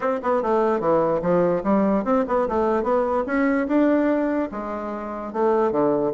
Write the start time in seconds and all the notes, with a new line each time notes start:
0.00 C4
0.22 B3
0.42 A3
0.80 E3
1.22 F3
1.63 G3
2.04 C4
2.27 B3
2.48 A3
2.83 B3
3.26 C#4
3.67 D4
4.51 G#3
5.32 A3
5.71 D3